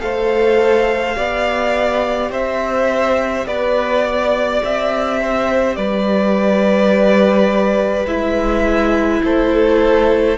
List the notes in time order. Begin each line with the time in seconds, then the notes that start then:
0.00 A3 A4 C5 F5
1.14 B3 G4 D5
2.31 C4 C5 E5
3.47 B3 B4 D5
4.05 D5
4.64 C4 E5
5.22 C5
5.76 G3 B4 D5
8.06 G#3 E4 E5
9.23 A3 A4 C5